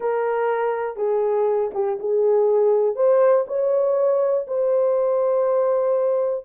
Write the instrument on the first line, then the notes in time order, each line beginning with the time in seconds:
horn
0.00 A#4
0.96 G#4
1.74 G4
1.99 G#4
2.95 C5
3.47 C#5
4.47 C5